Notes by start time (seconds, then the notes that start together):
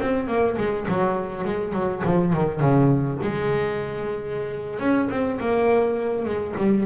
0.00 C4
0.27 A#3
0.57 G#3
0.88 F#3
1.44 G#3
1.73 F#3
2.04 F3
2.33 D#3
2.60 C#3
3.22 G#3
4.79 C#4
5.10 C4
5.40 A#3
6.25 G#3
6.57 G3